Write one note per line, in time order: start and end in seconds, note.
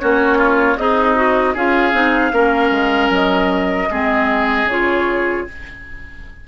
0.00 0.78 A#3
0.00 0.78 C#4
0.00 0.38 F#4
0.00 0.78 C#5
0.38 0.77 F4
0.78 1.55 C4
0.78 1.54 D#4
0.78 1.16 G#4
0.78 1.56 D#5
1.16 1.55 F#4
1.54 1.93 C#4
1.54 1.93 F4
1.54 2.32 G#4
1.54 3.13 F5
1.93 2.32 C4
1.93 2.32 D#4
2.33 2.71 A#3
2.33 3.88 C#4
2.33 3.90 A#4
2.71 3.10 G#3
3.10 3.88 F#3
3.10 4.70 D#5
3.91 4.65 G#3
3.91 4.69 C4
3.91 5.47 G#4
4.65 5.43 C#3
4.65 5.48 F4
4.65 5.48 C#5